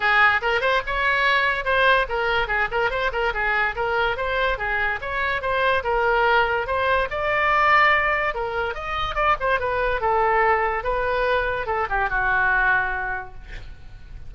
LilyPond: \new Staff \with { instrumentName = "oboe" } { \time 4/4 \tempo 4 = 144 gis'4 ais'8 c''8 cis''2 | c''4 ais'4 gis'8 ais'8 c''8 ais'8 | gis'4 ais'4 c''4 gis'4 | cis''4 c''4 ais'2 |
c''4 d''2. | ais'4 dis''4 d''8 c''8 b'4 | a'2 b'2 | a'8 g'8 fis'2. | }